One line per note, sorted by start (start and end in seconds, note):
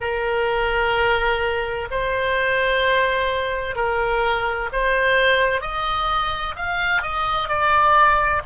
0.00 1.88 A#4
1.90 3.75 C5
3.75 4.69 A#4
4.72 5.61 C5
5.61 6.55 D#5
6.55 7.02 F5
7.02 7.48 D#5
7.48 8.42 D5